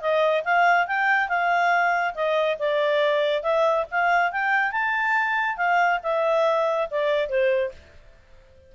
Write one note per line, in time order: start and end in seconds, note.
0.00 0.43 D#5
0.44 0.87 F5
0.87 1.28 G5
1.28 2.14 F5
2.14 2.57 D#5
2.58 3.42 D5
3.42 3.85 E5
3.91 4.31 F5
4.31 4.71 G5
4.71 5.57 A5
5.57 6.00 F5
6.03 6.88 E5
6.90 7.29 D5
7.29 7.71 C5